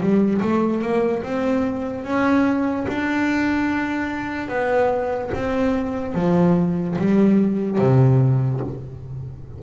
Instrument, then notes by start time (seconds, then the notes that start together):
double bass
0.00 G3
0.41 A3
0.82 A#3
1.23 C4
2.04 C#4
2.88 D4
4.48 B3
5.33 C4
6.14 F3
6.98 G3
7.78 C3